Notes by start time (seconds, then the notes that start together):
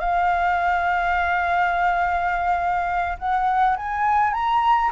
0.00 F5
3.19 F#5
3.77 G#5
4.33 A#5